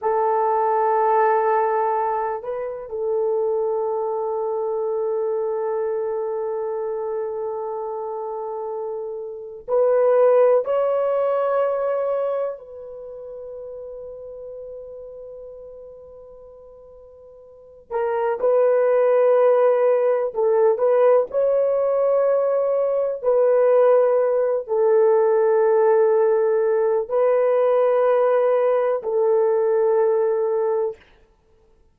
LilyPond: \new Staff \with { instrumentName = "horn" } { \time 4/4 \tempo 4 = 62 a'2~ a'8 b'8 a'4~ | a'1~ | a'2 b'4 cis''4~ | cis''4 b'2.~ |
b'2~ b'8 ais'8 b'4~ | b'4 a'8 b'8 cis''2 | b'4. a'2~ a'8 | b'2 a'2 | }